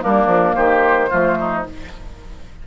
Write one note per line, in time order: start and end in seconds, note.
0.00 0.26 G3
0.00 1.08 A#3
0.00 0.56 D4
0.00 0.55 A#4
0.26 0.53 F3
0.55 1.11 D#3
0.55 1.10 G4
0.55 1.63 C5
1.10 1.66 F3
1.10 1.64 A3
1.10 1.37 F4
1.40 1.67 D#4